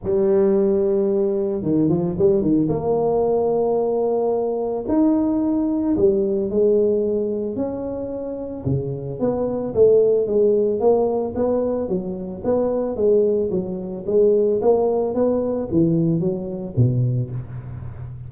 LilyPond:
\new Staff \with { instrumentName = "tuba" } { \time 4/4 \tempo 4 = 111 g2. dis8 f8 | g8 dis8 ais2.~ | ais4 dis'2 g4 | gis2 cis'2 |
cis4 b4 a4 gis4 | ais4 b4 fis4 b4 | gis4 fis4 gis4 ais4 | b4 e4 fis4 b,4 | }